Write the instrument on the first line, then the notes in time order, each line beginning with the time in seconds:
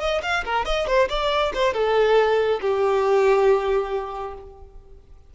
violin
0.00 D#5
0.22 F5
0.45 A#4
0.65 D#5
0.87 C5
1.09 D5
1.54 C5
1.74 A4
2.61 G4